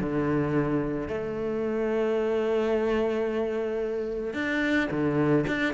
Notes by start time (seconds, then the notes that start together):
0.00 D3
1.08 A3
4.34 D4
4.91 D3
5.47 D4